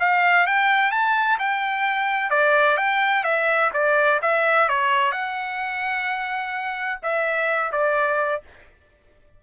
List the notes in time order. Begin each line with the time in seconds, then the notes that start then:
0.00 F5
0.47 G5
0.92 A5
1.39 G5
2.31 D5
2.77 G5
3.24 E5
3.74 D5
4.22 E5
4.69 C#5
5.12 F#5
7.03 E5
7.72 D5